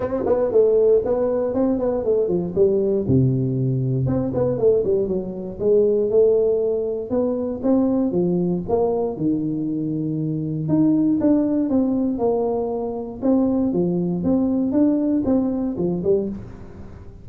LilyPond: \new Staff \with { instrumentName = "tuba" } { \time 4/4 \tempo 4 = 118 c'8 b8 a4 b4 c'8 b8 | a8 f8 g4 c2 | c'8 b8 a8 g8 fis4 gis4 | a2 b4 c'4 |
f4 ais4 dis2~ | dis4 dis'4 d'4 c'4 | ais2 c'4 f4 | c'4 d'4 c'4 f8 g8 | }